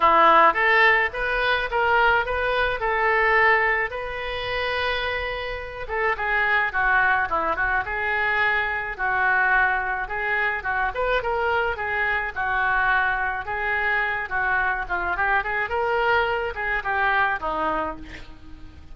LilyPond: \new Staff \with { instrumentName = "oboe" } { \time 4/4 \tempo 4 = 107 e'4 a'4 b'4 ais'4 | b'4 a'2 b'4~ | b'2~ b'8 a'8 gis'4 | fis'4 e'8 fis'8 gis'2 |
fis'2 gis'4 fis'8 b'8 | ais'4 gis'4 fis'2 | gis'4. fis'4 f'8 g'8 gis'8 | ais'4. gis'8 g'4 dis'4 | }